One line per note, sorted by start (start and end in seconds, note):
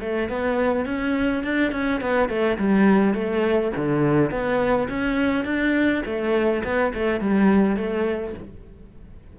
0.00 0.29 A3
0.29 0.85 B3
0.85 1.43 C#4
1.43 1.72 D4
1.72 2.00 C#4
2.00 2.28 B3
2.28 2.57 A3
2.58 3.14 G3
3.14 3.72 A3
3.76 4.30 D3
4.30 4.88 B3
4.89 5.45 C#4
5.45 6.02 D4
6.05 6.63 A3
6.64 6.93 B3
6.94 7.20 A3
7.20 7.76 G3
7.76 8.34 A3